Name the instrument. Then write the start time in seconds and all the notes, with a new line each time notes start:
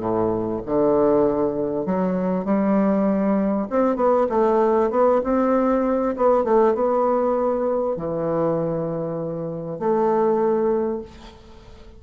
bassoon
0.00 A2
0.66 D3
1.86 F#3
2.45 G3
3.70 C4
3.97 B3
4.30 A3
4.91 B3
5.24 C4
6.17 B3
6.45 A3
6.75 B3
7.97 E3
9.80 A3